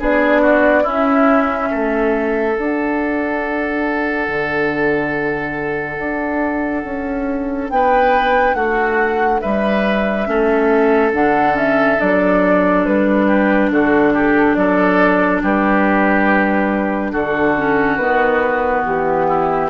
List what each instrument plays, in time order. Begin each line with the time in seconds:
0.00 bassoon B3, clarinet D4, oboe G#4, flute D5
0.42 oboe F#4
0.84 clarinet C#4, bassoon C#4, oboe E4, flute E5
1.71 bassoon A3, oboe A4
2.55 clarinet D4, bassoon D4, flute F#5
4.28 bassoon D3
5.99 bassoon D4
6.84 bassoon C#4
7.70 bassoon B3, oboe B4, flute G5
8.54 bassoon A3, oboe F#4, flute F#5
9.41 bassoon G3, oboe B4, flute E5
10.26 bassoon A3, clarinet C#4, oboe A4
11.13 bassoon D3, clarinet D4, flute F#5
11.54 clarinet C#4, flute E5
11.97 bassoon F#3, clarinet D4, flute D5
12.86 bassoon G3, flute B4
13.27 oboe G4
13.71 bassoon D3, oboe F#4, flute A4
14.14 oboe G4
14.55 bassoon F#3, oboe A4, flute D5
15.43 bassoon G3, oboe G4, flute B4
17.12 bassoon D3, oboe F#4, flute A4
17.57 clarinet C#4
17.96 bassoon D#3, clarinet B3, flute B4
18.86 bassoon E3, flute G4
19.29 oboe E4